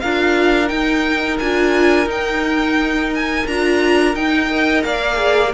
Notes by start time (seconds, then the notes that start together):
0.00 D4 F4 A#4 F5
0.67 D#4 G5
1.39 D4 F4 G#5
2.06 D#4 G5
3.15 G#5
3.47 D4 F4 A#5
4.15 D#4 G5
4.50 A#4 D#5
4.83 A#3 D5 F5
5.15 G#4